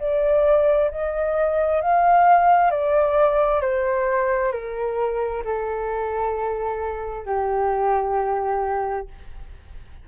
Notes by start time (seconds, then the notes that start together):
0.00 D5
0.91 D#5
1.82 F5
2.71 D5
3.62 C5
4.52 A#4
5.45 A4
7.26 G4